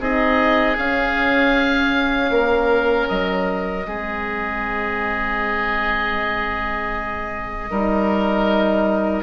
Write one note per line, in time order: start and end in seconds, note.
0.00 0.77 C4
0.00 0.78 D#4
0.00 2.31 G#4
0.00 0.78 D#5
0.77 2.30 C#4
0.77 3.87 C#4
0.77 3.08 F5
2.30 3.07 A#3
2.30 3.87 A#4
3.08 3.87 F#3
3.08 9.23 D#5
3.87 7.71 G#3
3.87 7.71 C4
3.87 7.71 G#4
7.71 9.23 G3
7.71 9.23 D#4
7.71 9.23 A#4